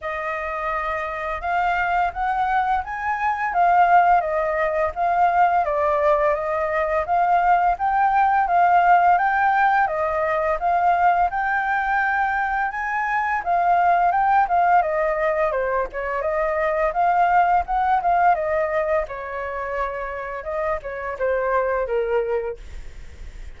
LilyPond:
\new Staff \with { instrumentName = "flute" } { \time 4/4 \tempo 4 = 85 dis''2 f''4 fis''4 | gis''4 f''4 dis''4 f''4 | d''4 dis''4 f''4 g''4 | f''4 g''4 dis''4 f''4 |
g''2 gis''4 f''4 | g''8 f''8 dis''4 c''8 cis''8 dis''4 | f''4 fis''8 f''8 dis''4 cis''4~ | cis''4 dis''8 cis''8 c''4 ais'4 | }